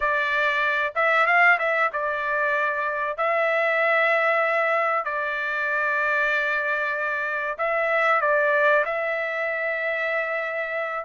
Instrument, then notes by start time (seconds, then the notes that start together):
trumpet
0.00 D5
0.95 E5
1.26 F5
1.58 E5
1.92 D5
3.17 E5
5.04 D5
7.58 E5
8.21 D5
8.84 E5